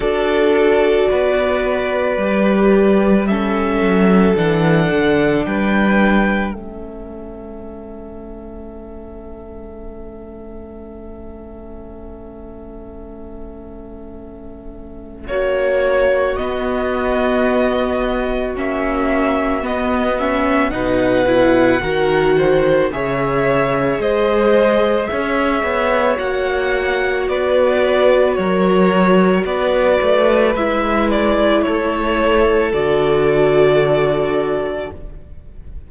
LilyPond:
<<
  \new Staff \with { instrumentName = "violin" } { \time 4/4 \tempo 4 = 55 d''2. e''4 | fis''4 g''4 e''2~ | e''1~ | e''2 cis''4 dis''4~ |
dis''4 e''4 dis''8 e''8 fis''4~ | fis''4 e''4 dis''4 e''4 | fis''4 d''4 cis''4 d''4 | e''8 d''8 cis''4 d''2 | }
  \new Staff \with { instrumentName = "violin" } { \time 4/4 a'4 b'2 a'4~ | a'4 b'4 a'2~ | a'1~ | a'2 fis'2~ |
fis'2. b'4 | ais'8 c''8 cis''4 c''4 cis''4~ | cis''4 b'4 ais'4 b'4~ | b'4 a'2. | }
  \new Staff \with { instrumentName = "viola" } { \time 4/4 fis'2 g'4 cis'4 | d'2 cis'2~ | cis'1~ | cis'2. b4~ |
b4 cis'4 b8 cis'8 dis'8 e'8 | fis'4 gis'2. | fis'1 | e'2 fis'2 | }
  \new Staff \with { instrumentName = "cello" } { \time 4/4 d'4 b4 g4. fis8 | e8 d8 g4 a2~ | a1~ | a2 ais4 b4~ |
b4 ais4 b4 b,4 | dis4 cis4 gis4 cis'8 b8 | ais4 b4 fis4 b8 a8 | gis4 a4 d2 | }
>>